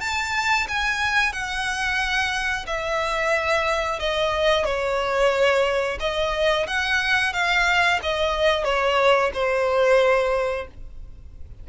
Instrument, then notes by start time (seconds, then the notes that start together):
violin
0.00 A5
0.68 G#5
1.32 F#5
2.67 E5
3.99 D#5
4.65 C#5
6.00 D#5
6.67 F#5
7.33 F5
8.03 D#5
8.64 C#5
9.34 C5